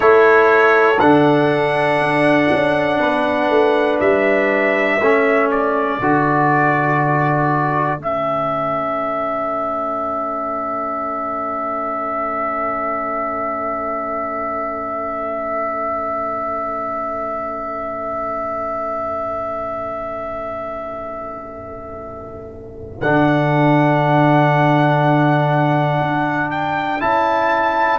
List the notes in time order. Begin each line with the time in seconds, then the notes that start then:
0.00 A3 E4 A4 C#5
0.99 D3 D4 F#5
1.99 D4
2.52 C#4
2.99 B3 B4
3.49 A3
4.00 G3 E5
4.98 A3 C#4 A4
5.50 D5
6.00 D3 F#4
7.97 A3 C#4 E5
23.00 D3 D4 F#5
26.01 D4
26.50 G5
27.00 C#4 E4 A5